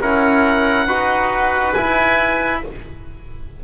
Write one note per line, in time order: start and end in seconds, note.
0.00 0.87 C#4
0.00 0.88 E4
0.00 0.87 A#4
0.00 1.74 F#5
0.87 1.74 D#4
0.87 1.75 F#4
0.87 2.61 B4
1.74 2.63 E4
1.74 2.64 E4
1.74 2.61 G#5